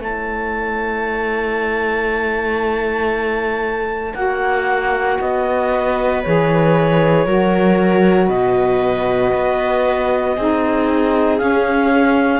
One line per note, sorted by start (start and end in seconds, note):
0.00 4.14 A3
0.00 4.15 E4
0.00 5.72 C#5
0.00 4.15 A5
4.15 5.19 A#3
4.15 6.22 F#4
4.15 5.19 F#5
5.21 6.24 B3
5.21 6.24 D#5
5.72 7.27 B4
6.24 7.26 E3
6.24 7.27 G#4
6.24 8.29 C#5
7.26 8.29 F#3
7.26 10.37 F#4
7.26 8.27 A#4
8.27 9.33 B2
8.27 10.34 B4
8.27 11.38 D#5
9.34 10.37 B3
10.36 11.41 C4
10.36 11.40 D#4
10.36 12.40 G#4
11.38 12.40 C#4
11.38 12.40 F5